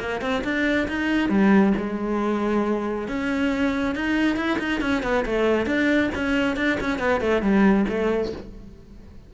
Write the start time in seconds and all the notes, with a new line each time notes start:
0.00 A#3
0.21 C4
0.44 D4
0.88 D#4
1.30 G3
1.78 G#3
3.09 C#4
3.96 D#4
4.37 E4
4.59 D#4
4.81 C#4
5.03 B3
5.26 A3
5.66 D4
6.15 C#4
6.57 D4
6.81 C#4
6.99 B3
7.21 A3
7.43 G3
7.89 A3